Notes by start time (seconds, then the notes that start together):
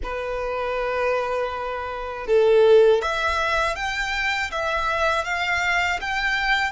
0.03 B4
2.27 A4
3.01 E5
3.75 G5
4.51 E5
5.24 F5
6.00 G5